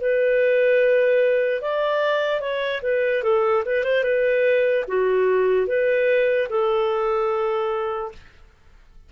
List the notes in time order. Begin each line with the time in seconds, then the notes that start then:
0.00 B4
1.61 D5
2.40 C#5
2.82 B4
3.23 A4
3.65 B4
3.84 C5
4.04 B4
4.88 F#4
5.67 B4
6.50 A4